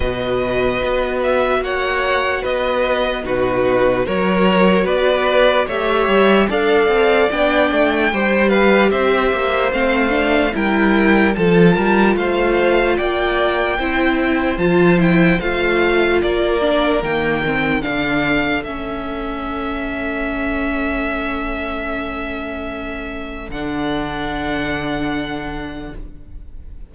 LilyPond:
<<
  \new Staff \with { instrumentName = "violin" } { \time 4/4 \tempo 4 = 74 dis''4. e''8 fis''4 dis''4 | b'4 cis''4 d''4 e''4 | f''4 g''4. f''8 e''4 | f''4 g''4 a''4 f''4 |
g''2 a''8 g''8 f''4 | d''4 g''4 f''4 e''4~ | e''1~ | e''4 fis''2. | }
  \new Staff \with { instrumentName = "violin" } { \time 4/4 b'2 cis''4 b'4 | fis'4 ais'4 b'4 cis''4 | d''2 c''8 b'8 c''4~ | c''4 ais'4 a'8 ais'8 c''4 |
d''4 c''2. | ais'2 a'2~ | a'1~ | a'1 | }
  \new Staff \with { instrumentName = "viola" } { \time 4/4 fis'1 | dis'4 fis'2 g'4 | a'4 d'4 g'2 | c'8 d'8 e'4 f'2~ |
f'4 e'4 f'8 e'8 f'4~ | f'8 d'8 ais8 c'8 d'4 cis'4~ | cis'1~ | cis'4 d'2. | }
  \new Staff \with { instrumentName = "cello" } { \time 4/4 b,4 b4 ais4 b4 | b,4 fis4 b4 a8 g8 | d'8 c'8 b8 a8 g4 c'8 ais8 | a4 g4 f8 g8 a4 |
ais4 c'4 f4 a4 | ais4 dis4 d4 a4~ | a1~ | a4 d2. | }
>>